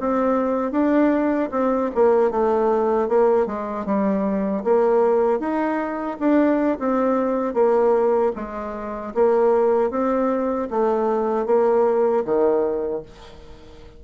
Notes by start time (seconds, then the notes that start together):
0.00 C4
0.72 D4
1.51 C4
1.95 A#3
2.31 A3
3.09 A#3
3.47 G#3
3.86 G3
4.64 A#3
5.40 D#4
6.20 D4
6.79 C4
7.54 A#3
8.36 G#3
9.15 A#3
9.90 C4
10.71 A3
11.46 A#3
12.25 D#3